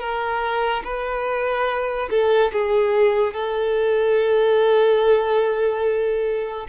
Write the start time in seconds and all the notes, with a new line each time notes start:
0.00 A#4
0.84 B4
2.11 A4
2.53 G#4
3.34 A4